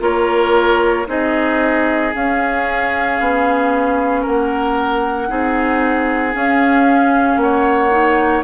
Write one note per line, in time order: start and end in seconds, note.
0.00 1.06 A#3
0.00 1.05 F4
0.00 1.08 A#4
0.00 1.08 C#5
1.07 2.13 C4
1.07 2.12 D#4
1.07 4.22 G#4
1.07 2.15 D#5
2.15 3.20 C#4
2.15 5.29 C#4
2.15 4.26 F5
3.20 4.26 B3
4.22 5.30 A#3
4.22 5.27 A#4
4.22 6.36 F#5
5.29 6.35 C4
5.29 6.33 D#4
5.29 7.41 G#4
6.33 7.91 C#4
6.33 7.37 C#4
6.33 7.38 F5
7.37 8.42 A#3
7.37 8.45 C#5
7.37 8.43 F#5
7.91 8.44 D#4